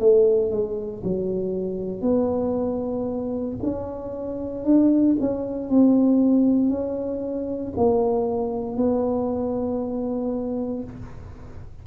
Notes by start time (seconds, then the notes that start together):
0.00 A3
0.51 G#3
1.04 F#3
2.02 B3
3.63 C#4
4.65 D4
5.21 C#4
5.70 C4
6.70 C#4
7.77 A#3
8.77 B3